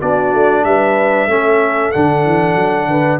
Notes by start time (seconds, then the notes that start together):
0.00 B3 D4 F#4 D5
0.34 A3
0.64 G3 B4 E5
1.27 A3 C#4 A4
1.92 D3 D4 F#5
2.25 E3
2.56 F#3
2.88 D3 B4